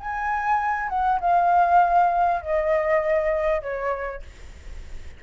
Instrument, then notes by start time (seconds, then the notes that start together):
flute
0.00 G#5
0.90 F#5
1.21 F5
2.42 D#5
3.62 C#5